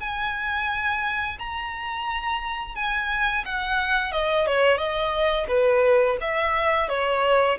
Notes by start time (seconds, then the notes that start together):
0.00 G#5
1.39 A#5
2.75 G#5
3.45 F#5
4.12 D#5
4.46 C#5
4.77 D#5
5.48 B4
6.21 E5
6.89 C#5